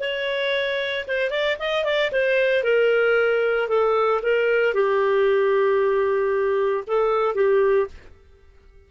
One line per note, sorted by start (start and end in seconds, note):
0.00 1.05 C#5
1.08 1.30 C5
1.30 1.57 D5
1.59 1.84 D#5
1.84 2.11 D5
2.12 2.64 C5
2.64 3.68 A#4
3.68 4.21 A4
4.22 4.74 A#4
4.74 6.85 G4
6.87 7.35 A4
7.35 7.87 G4